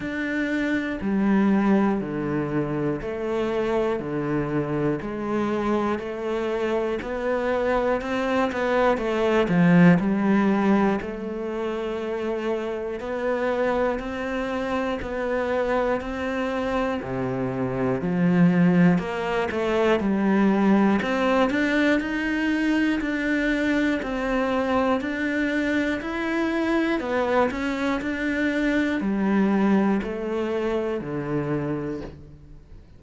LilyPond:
\new Staff \with { instrumentName = "cello" } { \time 4/4 \tempo 4 = 60 d'4 g4 d4 a4 | d4 gis4 a4 b4 | c'8 b8 a8 f8 g4 a4~ | a4 b4 c'4 b4 |
c'4 c4 f4 ais8 a8 | g4 c'8 d'8 dis'4 d'4 | c'4 d'4 e'4 b8 cis'8 | d'4 g4 a4 d4 | }